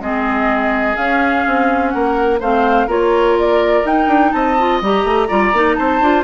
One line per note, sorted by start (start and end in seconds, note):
0.00 0.96 G#3
0.00 0.95 C4
0.00 1.94 G#4
0.00 0.96 D#5
0.95 2.39 C#4
0.95 1.45 C#4
0.95 1.89 F5
1.47 1.94 C4
1.89 2.41 A#3
1.89 2.40 A#4
1.89 2.37 F#5
2.40 2.87 A3
2.40 2.88 C4
2.40 2.87 C5
2.40 2.90 F5
2.87 3.83 A#3
2.87 3.84 F4
2.87 4.31 A#4
2.87 3.38 C#5
3.39 3.87 D5
3.84 4.07 D#4
3.84 4.58 D#4
3.84 4.32 G5
4.07 4.31 D4
4.32 4.81 C4
4.32 5.28 D#5
4.32 4.80 A5
4.58 4.82 F4
4.81 5.04 G3
4.81 5.29 G4
4.81 5.75 A#5
5.04 5.28 A3
5.28 5.53 G3
5.28 5.53 F4
5.28 5.76 D5
5.53 5.77 A#3
5.53 6.02 D#4
5.75 6.01 C4
5.75 6.24 C5
5.75 6.23 A5
6.01 6.24 D4
6.01 6.24 F4